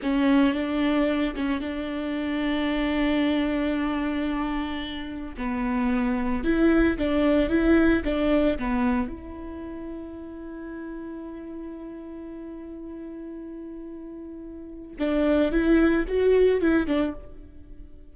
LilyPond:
\new Staff \with { instrumentName = "viola" } { \time 4/4 \tempo 4 = 112 cis'4 d'4. cis'8 d'4~ | d'1~ | d'2 b2 | e'4 d'4 e'4 d'4 |
b4 e'2.~ | e'1~ | e'1 | d'4 e'4 fis'4 e'8 d'8 | }